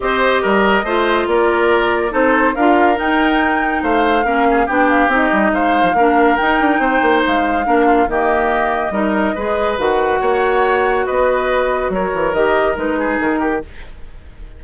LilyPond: <<
  \new Staff \with { instrumentName = "flute" } { \time 4/4 \tempo 4 = 141 dis''2. d''4~ | d''4 c''4 f''4 g''4~ | g''4 f''2 g''8 f''8 | dis''4 f''2 g''4~ |
g''4 f''2 dis''4~ | dis''2. fis''4~ | fis''2 dis''2 | cis''4 dis''4 b'4 ais'4 | }
  \new Staff \with { instrumentName = "oboe" } { \time 4/4 c''4 ais'4 c''4 ais'4~ | ais'4 a'4 ais'2~ | ais'4 c''4 ais'8 gis'8 g'4~ | g'4 c''4 ais'2 |
c''2 ais'8 f'8 g'4~ | g'4 ais'4 b'2 | cis''2 b'2 | ais'2~ ais'8 gis'4 g'8 | }
  \new Staff \with { instrumentName = "clarinet" } { \time 4/4 g'2 f'2~ | f'4 dis'4 f'4 dis'4~ | dis'2 cis'4 d'4 | dis'2 d'4 dis'4~ |
dis'2 d'4 ais4~ | ais4 dis'4 gis'4 fis'4~ | fis'1~ | fis'4 g'4 dis'2 | }
  \new Staff \with { instrumentName = "bassoon" } { \time 4/4 c'4 g4 a4 ais4~ | ais4 c'4 d'4 dis'4~ | dis'4 a4 ais4 b4 | c'8 g8 gis8. f16 ais4 dis'8 d'8 |
c'8 ais8 gis4 ais4 dis4~ | dis4 g4 gis4 dis4 | ais2 b2 | fis8 e8 dis4 gis4 dis4 | }
>>